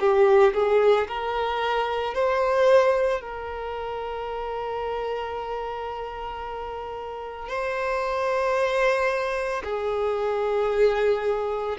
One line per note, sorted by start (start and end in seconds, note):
0.00 0.54 G4
0.54 1.08 G#4
1.08 2.14 A#4
2.14 3.21 C5
3.21 7.49 A#4
7.49 9.63 C5
9.64 11.78 G#4